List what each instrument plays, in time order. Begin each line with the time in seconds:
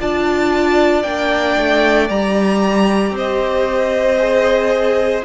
0.00 cello D4, viola F4, violin D5 A5
1.03 cello A#3, viola D4, violin G5
1.58 cello A3
2.10 cello G3, viola G4, violin A#5
3.11 cello C4, violin C5
3.18 violin D#5
4.19 viola G#4